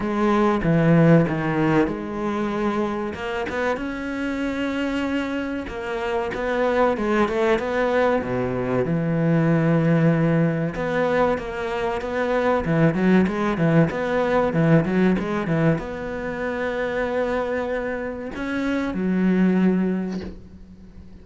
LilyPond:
\new Staff \with { instrumentName = "cello" } { \time 4/4 \tempo 4 = 95 gis4 e4 dis4 gis4~ | gis4 ais8 b8 cis'2~ | cis'4 ais4 b4 gis8 a8 | b4 b,4 e2~ |
e4 b4 ais4 b4 | e8 fis8 gis8 e8 b4 e8 fis8 | gis8 e8 b2.~ | b4 cis'4 fis2 | }